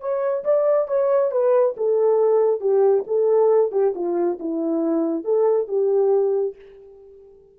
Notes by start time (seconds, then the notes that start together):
0.00 C#5
0.44 D5
0.88 C#5
1.32 B4
1.77 A4
2.61 G4
3.07 A4
3.72 G4
3.95 F4
4.40 E4
5.25 A4
5.68 G4